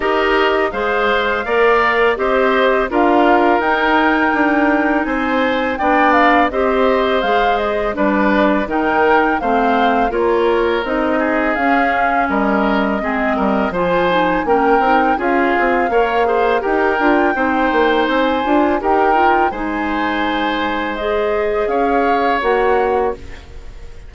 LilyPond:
<<
  \new Staff \with { instrumentName = "flute" } { \time 4/4 \tempo 4 = 83 dis''4 f''2 dis''4 | f''4 g''2 gis''4 | g''8 f''8 dis''4 f''8 dis''8 d''4 | g''4 f''4 cis''4 dis''4 |
f''4 dis''2 gis''4 | g''4 f''2 g''4~ | g''4 gis''4 g''4 gis''4~ | gis''4 dis''4 f''4 fis''4 | }
  \new Staff \with { instrumentName = "oboe" } { \time 4/4 ais'4 c''4 d''4 c''4 | ais'2. c''4 | d''4 c''2 b'4 | ais'4 c''4 ais'4. gis'8~ |
gis'4 ais'4 gis'8 ais'8 c''4 | ais'4 gis'4 cis''8 c''8 ais'4 | c''2 ais'4 c''4~ | c''2 cis''2 | }
  \new Staff \with { instrumentName = "clarinet" } { \time 4/4 g'4 gis'4 ais'4 g'4 | f'4 dis'2. | d'4 g'4 gis'4 d'4 | dis'4 c'4 f'4 dis'4 |
cis'2 c'4 f'8 dis'8 | cis'8 dis'8 f'4 ais'8 gis'8 g'8 f'8 | dis'4. f'8 g'8 f'8 dis'4~ | dis'4 gis'2 fis'4 | }
  \new Staff \with { instrumentName = "bassoon" } { \time 4/4 dis'4 gis4 ais4 c'4 | d'4 dis'4 d'4 c'4 | b4 c'4 gis4 g4 | dis4 a4 ais4 c'4 |
cis'4 g4 gis8 g8 f4 | ais8 c'8 cis'8 c'8 ais4 dis'8 d'8 | c'8 ais8 c'8 d'8 dis'4 gis4~ | gis2 cis'4 ais4 | }
>>